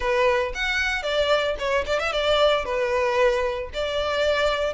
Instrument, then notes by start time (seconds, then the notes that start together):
violin
0.00 B4
0.54 F#5
1.02 D5
1.58 C#5
1.86 D5
1.99 E5
2.12 D5
2.64 B4
3.73 D5